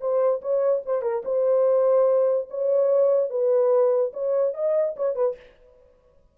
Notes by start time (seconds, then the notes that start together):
0.00 C5
0.41 C#5
0.85 C5
1.02 A#4
1.24 C5
2.50 C#5
3.30 B4
4.13 C#5
4.54 D#5
4.96 C#5
5.15 B4